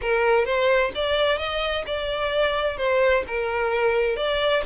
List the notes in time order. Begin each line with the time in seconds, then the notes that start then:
0.01 A#4
0.45 C5
0.94 D5
1.37 D#5
1.86 D5
2.77 C5
3.27 A#4
4.16 D5